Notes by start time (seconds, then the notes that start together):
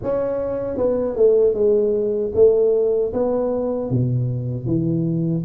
0.02 C#4
0.77 B3
1.16 A3
1.54 G#3
2.34 A3
3.13 B3
3.90 B2
4.66 E3